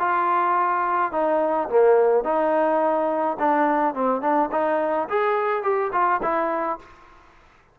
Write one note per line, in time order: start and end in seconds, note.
0.00 1.12 F4
1.12 1.69 D#4
1.70 2.24 A#3
2.24 3.38 D#4
3.40 3.95 D4
3.95 4.22 C4
4.22 4.50 D4
4.52 5.09 D#4
5.09 5.63 G#4
5.63 5.92 G4
5.93 6.21 F4
6.23 6.80 E4